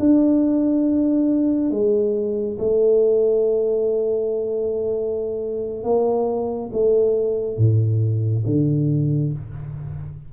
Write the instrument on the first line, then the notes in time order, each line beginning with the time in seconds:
tuba
0.00 D4
1.71 G#3
2.59 A3
5.84 A#3
6.73 A3
7.58 A2
8.46 D3